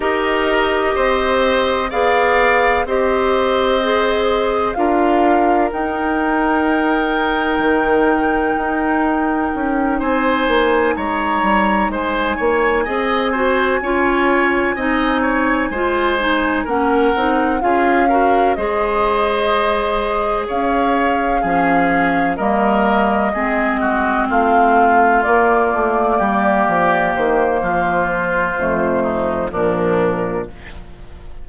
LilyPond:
<<
  \new Staff \with { instrumentName = "flute" } { \time 4/4 \tempo 4 = 63 dis''2 f''4 dis''4~ | dis''4 f''4 g''2~ | g''2~ g''8 gis''4 ais''8~ | ais''8 gis''2.~ gis''8~ |
gis''4. fis''4 f''4 dis''8~ | dis''4. f''2 dis''8~ | dis''4. f''4 d''4.~ | d''8 c''2~ c''8 ais'4 | }
  \new Staff \with { instrumentName = "oboe" } { \time 4/4 ais'4 c''4 d''4 c''4~ | c''4 ais'2.~ | ais'2~ ais'8 c''4 cis''8~ | cis''8 c''8 cis''8 dis''8 c''8 cis''4 dis''8 |
cis''8 c''4 ais'4 gis'8 ais'8 c''8~ | c''4. cis''4 gis'4 ais'8~ | ais'8 gis'8 fis'8 f'2 g'8~ | g'4 f'4. dis'8 d'4 | }
  \new Staff \with { instrumentName = "clarinet" } { \time 4/4 g'2 gis'4 g'4 | gis'4 f'4 dis'2~ | dis'1~ | dis'4. gis'8 fis'8 f'4 dis'8~ |
dis'8 f'8 dis'8 cis'8 dis'8 f'8 fis'8 gis'8~ | gis'2~ gis'8 cis'4 ais8~ | ais8 c'2 ais4.~ | ais2 a4 f4 | }
  \new Staff \with { instrumentName = "bassoon" } { \time 4/4 dis'4 c'4 b4 c'4~ | c'4 d'4 dis'2 | dis4 dis'4 cis'8 c'8 ais8 gis8 | g8 gis8 ais8 c'4 cis'4 c'8~ |
c'8 gis4 ais8 c'8 cis'4 gis8~ | gis4. cis'4 f4 g8~ | g8 gis4 a4 ais8 a8 g8 | f8 dis8 f4 f,4 ais,4 | }
>>